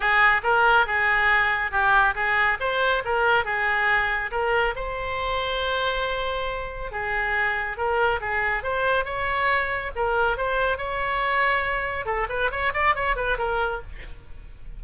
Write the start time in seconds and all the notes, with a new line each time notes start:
0.00 G#4
0.43 A#4
0.86 G#4
1.71 G4
2.14 G#4
2.60 C5
3.04 A#4
3.44 G#4
4.31 A#4
4.75 C5
6.91 G#4
7.77 A#4
8.20 G#4
8.63 C5
9.05 C#5
9.95 A#4
10.37 C5
10.77 C#5
12.05 A4
12.29 B4
12.51 C#5
12.73 D5
12.95 C#5
13.16 B4
13.38 A#4